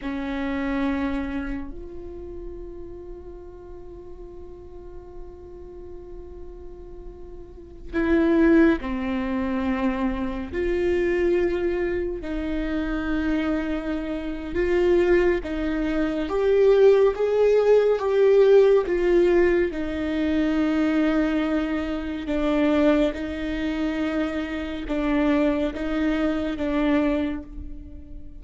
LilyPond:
\new Staff \with { instrumentName = "viola" } { \time 4/4 \tempo 4 = 70 cis'2 f'2~ | f'1~ | f'4~ f'16 e'4 c'4.~ c'16~ | c'16 f'2 dis'4.~ dis'16~ |
dis'4 f'4 dis'4 g'4 | gis'4 g'4 f'4 dis'4~ | dis'2 d'4 dis'4~ | dis'4 d'4 dis'4 d'4 | }